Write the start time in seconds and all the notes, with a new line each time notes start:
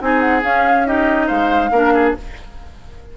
0.00 C4 D#4 G#4 G#5
0.20 F#5
0.42 C#4 F5
0.86 D#4 G4 D#5
1.27 G#3 C5 F5
1.71 A#3 D4 A#4
1.94 G#4